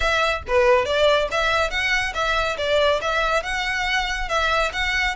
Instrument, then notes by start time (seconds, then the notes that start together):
violin
0.00 E5
0.47 B4
0.85 D5
1.31 E5
1.70 F#5
2.14 E5
2.57 D5
3.01 E5
3.43 F#5
4.28 E5
4.72 F#5